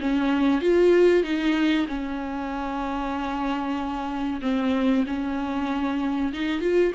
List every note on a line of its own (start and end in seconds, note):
0.00 0.61 C#4
0.61 1.23 F4
1.23 1.86 D#4
1.87 4.40 C#4
4.41 5.04 C4
5.06 6.32 C#4
6.33 6.61 D#4
6.61 6.92 F4